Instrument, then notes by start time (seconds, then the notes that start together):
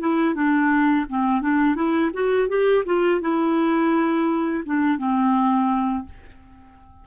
clarinet
0.00 E4
0.34 D4
1.09 C4
1.41 D4
1.75 E4
2.13 F#4
2.49 G4
2.85 F4
3.21 E4
4.65 D4
4.98 C4